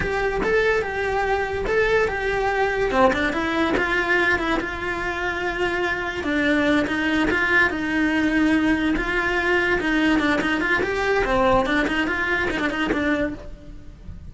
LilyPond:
\new Staff \with { instrumentName = "cello" } { \time 4/4 \tempo 4 = 144 g'4 a'4 g'2 | a'4 g'2 c'8 d'8 | e'4 f'4. e'8 f'4~ | f'2. d'4~ |
d'8 dis'4 f'4 dis'4.~ | dis'4. f'2 dis'8~ | dis'8 d'8 dis'8 f'8 g'4 c'4 | d'8 dis'8 f'4 dis'16 d'16 dis'8 d'4 | }